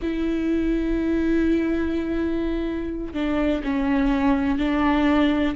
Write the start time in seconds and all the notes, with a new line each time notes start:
0.02 E4
3.13 D4
3.63 C#4
4.58 D4